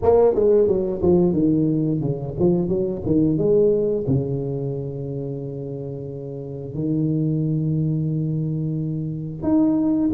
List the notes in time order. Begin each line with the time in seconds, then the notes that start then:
0.02 A#3
0.34 G#3
0.67 F#3
1.01 F3
1.33 D#3
2.00 C#3
2.39 F3
2.68 F#3
3.06 D#3
3.37 G#3
4.07 C#3
6.74 D#3
9.43 D#4